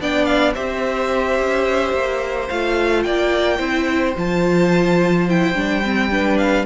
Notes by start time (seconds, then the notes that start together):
0.00 B3 D4 D5 G5
0.25 F5
0.54 C4 G4 C5 E5
1.39 C#4
1.93 A#3
2.48 A3 F4 F5
3.03 A#3 D5 G5
3.57 C4 E4 C5
4.16 F3 F4 A5
5.29 E4 G5
5.54 G3 D4
5.84 C4
6.11 D4 B4
6.37 F5